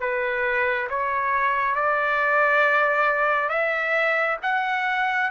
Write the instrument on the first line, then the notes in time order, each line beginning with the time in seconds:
trumpet
0.00 B4
0.90 C#5
1.76 D5
3.49 E5
4.42 F#5